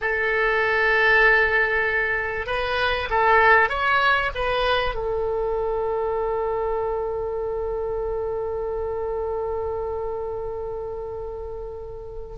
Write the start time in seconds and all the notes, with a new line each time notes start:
0.01 A4
2.46 B4
3.10 A4
3.69 C#5
4.34 B4
4.94 A4